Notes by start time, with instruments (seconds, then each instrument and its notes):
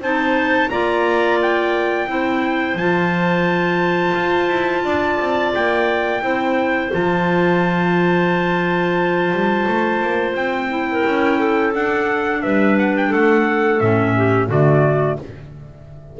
0.00 double bass C4, clarinet D#4 C5, trumpet A5
0.70 double bass A#3, clarinet F4 D5, trumpet A#5
1.42 trumpet G5
2.08 double bass C4, clarinet E4 C5
2.75 double bass F3, clarinet F4, trumpet A5
4.15 double bass F4
4.49 double bass E4
4.84 double bass D4, clarinet D5
5.20 double bass C4
5.54 double bass A#3, trumpet G5
6.22 double bass C4, clarinet E4 C5
6.91 double bass F3, clarinet F4, trumpet A5
9.33 double bass G3
9.68 double bass A3
10.03 double bass A#3
10.35 double bass C4, trumpet G5
10.70 clarinet E4
10.91 clarinet A#4
11.06 double bass C#4
11.39 clarinet A4
11.74 double bass D4, clarinet D4, trumpet F#5
12.42 double bass G3, clarinet B4, trumpet E5
12.79 trumpet F#5
12.97 trumpet G5
13.10 double bass A3, clarinet A4, trumpet F#5
13.80 double bass A2, clarinet C#4, trumpet E5
14.17 clarinet G4
14.47 double bass D3, clarinet A3 F#4, trumpet D5